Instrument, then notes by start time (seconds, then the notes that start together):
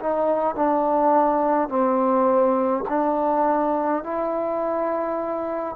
trombone
0.00 D#4
0.56 D4
1.69 C4
2.89 D4
4.04 E4